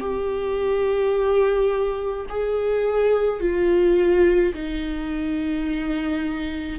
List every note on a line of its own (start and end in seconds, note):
0.00 2.26 G4
2.30 3.40 G#4
3.40 4.53 F4
4.54 6.79 D#4